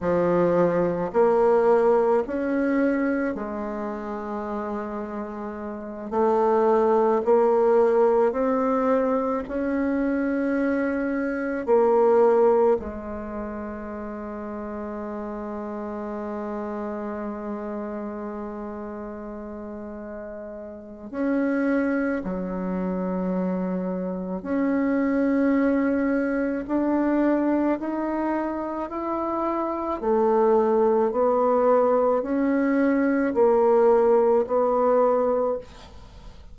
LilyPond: \new Staff \with { instrumentName = "bassoon" } { \time 4/4 \tempo 4 = 54 f4 ais4 cis'4 gis4~ | gis4. a4 ais4 c'8~ | c'8 cis'2 ais4 gis8~ | gis1~ |
gis2. cis'4 | fis2 cis'2 | d'4 dis'4 e'4 a4 | b4 cis'4 ais4 b4 | }